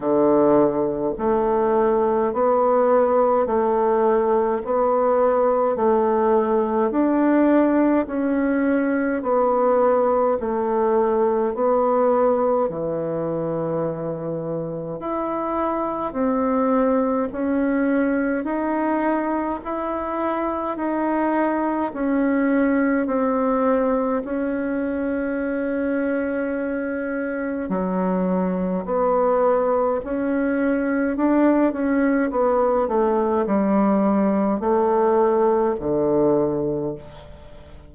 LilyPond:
\new Staff \with { instrumentName = "bassoon" } { \time 4/4 \tempo 4 = 52 d4 a4 b4 a4 | b4 a4 d'4 cis'4 | b4 a4 b4 e4~ | e4 e'4 c'4 cis'4 |
dis'4 e'4 dis'4 cis'4 | c'4 cis'2. | fis4 b4 cis'4 d'8 cis'8 | b8 a8 g4 a4 d4 | }